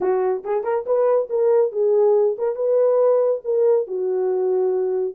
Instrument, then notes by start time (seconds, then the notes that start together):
horn
0.00 F#4
0.44 G#4
0.63 A#4
0.86 B4
1.29 A#4
1.72 G#4
2.37 A#4
2.55 B4
3.44 A#4
3.87 F#4